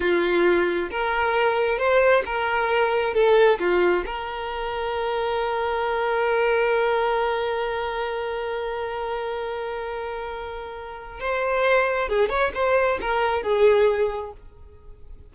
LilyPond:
\new Staff \with { instrumentName = "violin" } { \time 4/4 \tempo 4 = 134 f'2 ais'2 | c''4 ais'2 a'4 | f'4 ais'2.~ | ais'1~ |
ais'1~ | ais'1~ | ais'4 c''2 gis'8 cis''8 | c''4 ais'4 gis'2 | }